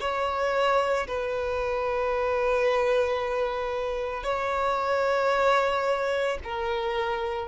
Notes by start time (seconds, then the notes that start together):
0.00 C#5
1.07 B4
4.23 C#5
6.44 A#4